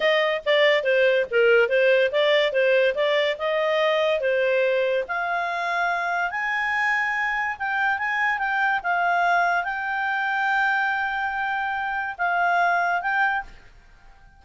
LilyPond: \new Staff \with { instrumentName = "clarinet" } { \time 4/4 \tempo 4 = 143 dis''4 d''4 c''4 ais'4 | c''4 d''4 c''4 d''4 | dis''2 c''2 | f''2. gis''4~ |
gis''2 g''4 gis''4 | g''4 f''2 g''4~ | g''1~ | g''4 f''2 g''4 | }